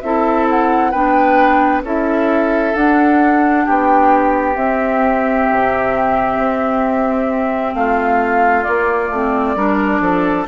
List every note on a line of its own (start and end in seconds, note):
0.00 0.93 C4
0.00 0.93 E4
0.00 0.91 A4
0.00 0.45 E5
0.48 0.91 F#5
0.91 1.82 B3
0.91 1.84 D4
0.91 1.82 B4
0.91 1.82 G5
1.82 2.73 C#4
1.82 2.74 E4
1.82 3.64 A4
1.82 2.74 E5
2.74 4.54 D4
2.74 3.66 D4
2.74 3.65 F#5
3.64 4.55 B3
3.64 7.73 G4
3.64 4.55 G5
4.54 8.63 C4
4.54 5.46 C4
4.54 7.74 E5
5.50 6.37 C3
6.37 7.73 C4
7.74 8.65 A3
7.74 9.56 F4
7.74 8.63 F5
8.63 9.09 A#3
8.63 10.45 D5
9.09 9.55 A3
9.09 9.56 C4
9.55 10.00 G3
9.55 10.47 D4
9.55 10.01 A#4
10.00 10.45 F3
10.00 10.47 A4